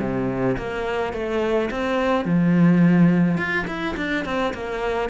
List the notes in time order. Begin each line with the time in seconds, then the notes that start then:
0.00 C3
0.57 A#3
1.13 A3
1.71 C4
2.25 F3
3.37 F4
3.67 E4
3.97 D4
4.25 C4
4.54 A#3